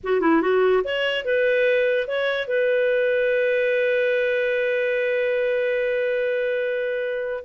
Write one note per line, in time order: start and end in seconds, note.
0.03 0.20 F#4
0.20 0.41 E4
0.41 0.83 F#4
0.84 1.24 C#5
1.24 2.07 B4
2.07 2.47 C#5
2.47 7.44 B4